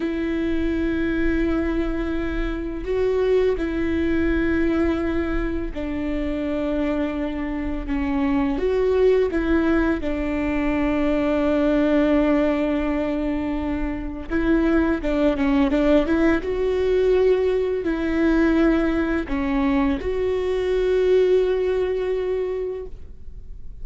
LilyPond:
\new Staff \with { instrumentName = "viola" } { \time 4/4 \tempo 4 = 84 e'1 | fis'4 e'2. | d'2. cis'4 | fis'4 e'4 d'2~ |
d'1 | e'4 d'8 cis'8 d'8 e'8 fis'4~ | fis'4 e'2 cis'4 | fis'1 | }